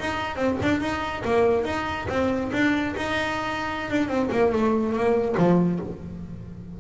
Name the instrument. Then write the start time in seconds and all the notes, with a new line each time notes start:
double bass
0.00 D#4
0.36 C4
0.63 D4
0.80 D#4
1.25 A#3
1.65 D#4
2.09 C4
2.53 D4
2.97 D#4
3.91 D4
4.09 C4
4.32 A#3
4.53 A3
4.93 A#3
5.38 F3